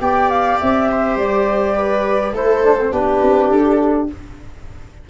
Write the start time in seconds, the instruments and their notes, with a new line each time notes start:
0.00 tuba B3, trombone G4, viola D5, flute G5
0.30 flute F5
0.60 tuba C4, flute E5
0.91 viola C5
1.17 tuba G3, flute D5
1.75 viola B4
2.32 tuba A3, trombone E4, viola A4, flute C5
2.63 trombone D4
2.79 trombone C4
2.91 tuba B3, trombone D4, viola G4, flute B4
3.22 tuba C4
3.50 tuba D4, flute A4